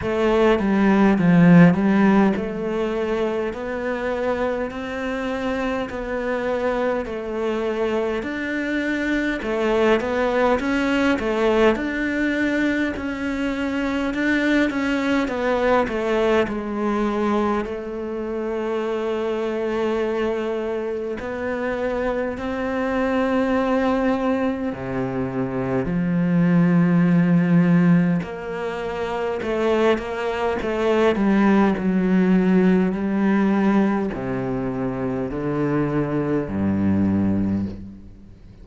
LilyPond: \new Staff \with { instrumentName = "cello" } { \time 4/4 \tempo 4 = 51 a8 g8 f8 g8 a4 b4 | c'4 b4 a4 d'4 | a8 b8 cis'8 a8 d'4 cis'4 | d'8 cis'8 b8 a8 gis4 a4~ |
a2 b4 c'4~ | c'4 c4 f2 | ais4 a8 ais8 a8 g8 fis4 | g4 c4 d4 g,4 | }